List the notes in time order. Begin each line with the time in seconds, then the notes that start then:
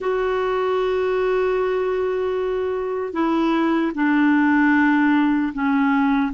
0.00 F#4
3.13 E4
3.95 D4
5.53 C#4